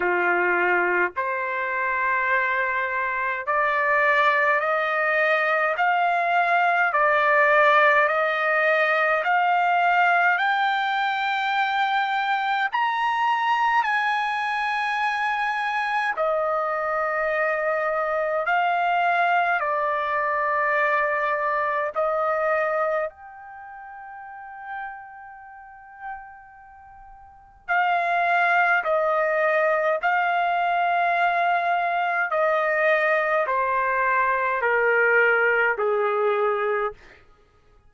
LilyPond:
\new Staff \with { instrumentName = "trumpet" } { \time 4/4 \tempo 4 = 52 f'4 c''2 d''4 | dis''4 f''4 d''4 dis''4 | f''4 g''2 ais''4 | gis''2 dis''2 |
f''4 d''2 dis''4 | g''1 | f''4 dis''4 f''2 | dis''4 c''4 ais'4 gis'4 | }